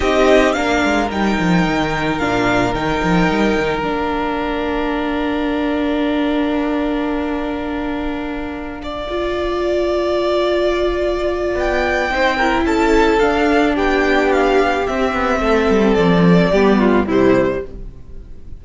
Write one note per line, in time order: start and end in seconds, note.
0.00 0.55 C4
0.00 0.54 D#4
0.00 0.55 G4
0.00 0.52 D#5
0.52 0.83 A#3
0.52 1.09 D4
0.52 8.81 A#4
0.52 1.07 F5
0.83 1.10 G#3
1.10 1.38 G3
1.10 2.19 D#4
1.10 2.18 G5
1.39 1.66 F3
1.66 2.20 D#3
2.18 2.74 A#2
2.18 2.74 D4
2.18 2.74 F5
2.74 3.01 D#3
2.74 3.82 D#4
2.74 3.84 G5
3.03 3.29 F3
3.29 3.56 G3
3.59 3.85 D#3
3.82 11.55 A#3
3.82 9.05 D4
3.82 11.54 F5
8.83 12.13 D5
9.08 12.10 F4
11.55 12.10 B3
11.55 12.66 G5
12.10 12.64 C4
12.10 12.38 D#4
12.10 12.37 C5
12.37 13.20 E4
12.37 12.64 A#4
12.64 13.19 C#4
12.64 13.74 A4
12.64 13.19 A5
13.19 14.85 D4
13.19 13.77 D4
13.19 13.74 F5
13.74 14.87 B3
13.74 15.39 G4
13.74 14.32 G5
14.32 14.86 F5
14.86 16.52 C4
14.86 15.13 C4
14.86 15.94 E5
15.13 15.39 B3
15.39 15.67 A3
15.39 16.51 A4
15.69 15.96 G3
15.94 16.50 F3
15.94 17.04 D5
16.50 17.05 G3
16.50 17.08 B3
16.50 16.78 G4
16.78 17.06 F4
17.06 17.61 C3
17.06 17.64 G3
17.06 17.61 E4
17.06 17.65 C5